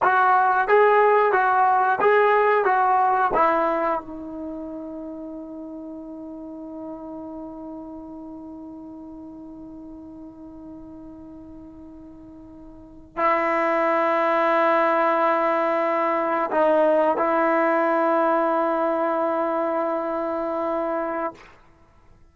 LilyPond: \new Staff \with { instrumentName = "trombone" } { \time 4/4 \tempo 4 = 90 fis'4 gis'4 fis'4 gis'4 | fis'4 e'4 dis'2~ | dis'1~ | dis'1~ |
dis'2.~ dis'8. e'16~ | e'1~ | e'8. dis'4 e'2~ e'16~ | e'1 | }